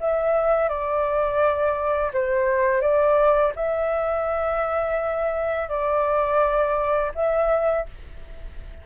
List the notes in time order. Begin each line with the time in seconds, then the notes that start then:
0.00 E5
0.69 D5
2.13 C5
2.81 D5
3.56 E5
5.69 D5
7.15 E5